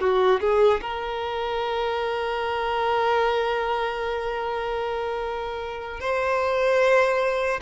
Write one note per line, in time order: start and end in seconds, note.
0.00 0.40 F#4
0.40 0.80 G#4
0.81 6.00 A#4
6.00 7.60 C5